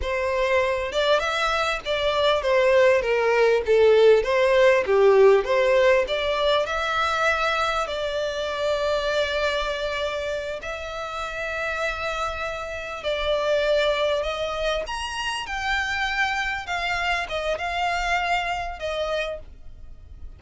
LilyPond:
\new Staff \with { instrumentName = "violin" } { \time 4/4 \tempo 4 = 99 c''4. d''8 e''4 d''4 | c''4 ais'4 a'4 c''4 | g'4 c''4 d''4 e''4~ | e''4 d''2.~ |
d''4. e''2~ e''8~ | e''4. d''2 dis''8~ | dis''8 ais''4 g''2 f''8~ | f''8 dis''8 f''2 dis''4 | }